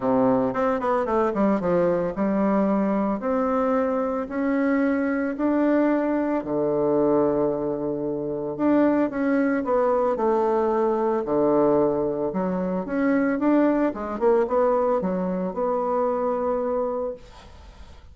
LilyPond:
\new Staff \with { instrumentName = "bassoon" } { \time 4/4 \tempo 4 = 112 c4 c'8 b8 a8 g8 f4 | g2 c'2 | cis'2 d'2 | d1 |
d'4 cis'4 b4 a4~ | a4 d2 fis4 | cis'4 d'4 gis8 ais8 b4 | fis4 b2. | }